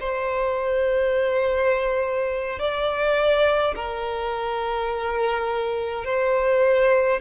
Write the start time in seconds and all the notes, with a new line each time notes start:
0.00 C5
2.60 D5
3.76 A#4
6.05 C5